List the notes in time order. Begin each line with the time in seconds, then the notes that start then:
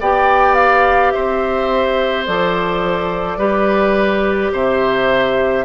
0.00 B3 G4 D5 G5
0.54 F5
1.11 C4 C5 E5
2.25 F3 A4 D5
3.37 G3 G4 B4
4.51 C3 C5 E5